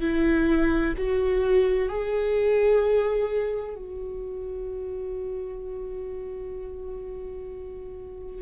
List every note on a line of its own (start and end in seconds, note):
0.00 0.94 E4
0.97 1.89 F#4
1.89 3.75 G#4
3.75 8.42 F#4